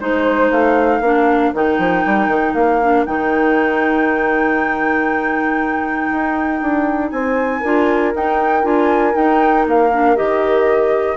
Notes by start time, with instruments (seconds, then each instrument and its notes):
0.00 bassoon G#3, clarinet D#4, flute C5, horn C5
0.51 bassoon A3, flute F5
1.01 bassoon A#3, clarinet D4, horn A#4
1.54 bassoon D#3, clarinet D#4, flute G5
1.79 bassoon F3
2.06 bassoon G3
2.28 bassoon D#3
2.54 bassoon A#3, flute F5
2.82 clarinet D4
3.06 bassoon D#3, clarinet D#4, flute G5
6.12 bassoon D#4
6.62 bassoon D4
7.11 bassoon C4, horn C5, flute G#5
7.61 bassoon D4, clarinet F4, horn A#4
8.15 bassoon D#4, clarinet D#4, flute G5
8.63 bassoon D4, clarinet F4, flute G#5
9.13 clarinet D#4, bassoon D#4, flute G5
9.66 bassoon A#3, flute F5
9.93 clarinet D4
10.16 bassoon D#3, clarinet G4, flute D#5